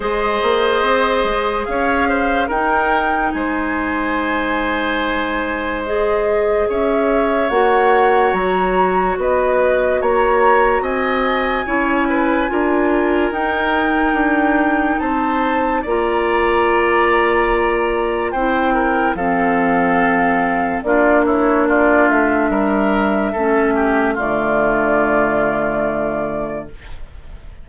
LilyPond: <<
  \new Staff \with { instrumentName = "flute" } { \time 4/4 \tempo 4 = 72 dis''2 f''4 g''4 | gis''2. dis''4 | e''4 fis''4 ais''4 dis''4 | ais''4 gis''2. |
g''2 a''4 ais''4~ | ais''2 g''4 f''4~ | f''4 d''8 cis''8 d''8 e''4.~ | e''4 d''2. | }
  \new Staff \with { instrumentName = "oboe" } { \time 4/4 c''2 cis''8 c''8 ais'4 | c''1 | cis''2. b'4 | cis''4 dis''4 cis''8 b'8 ais'4~ |
ais'2 c''4 d''4~ | d''2 c''8 ais'8 a'4~ | a'4 f'8 e'8 f'4 ais'4 | a'8 g'8 f'2. | }
  \new Staff \with { instrumentName = "clarinet" } { \time 4/4 gis'2. dis'4~ | dis'2. gis'4~ | gis'4 fis'2.~ | fis'2 e'4 f'4 |
dis'2. f'4~ | f'2 e'4 c'4~ | c'4 d'2. | cis'4 a2. | }
  \new Staff \with { instrumentName = "bassoon" } { \time 4/4 gis8 ais8 c'8 gis8 cis'4 dis'4 | gis1 | cis'4 ais4 fis4 b4 | ais4 c'4 cis'4 d'4 |
dis'4 d'4 c'4 ais4~ | ais2 c'4 f4~ | f4 ais4. a8 g4 | a4 d2. | }
>>